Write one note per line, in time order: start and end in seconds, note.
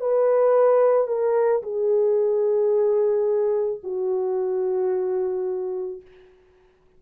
0.00 1.07 B4
1.07 1.62 A#4
1.62 3.80 G#4
3.83 6.01 F#4